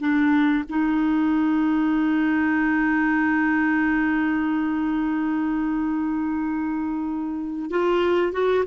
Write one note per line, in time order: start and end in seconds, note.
0.00 0.64 D4
0.69 7.70 D#4
7.70 8.32 F4
8.32 8.64 F#4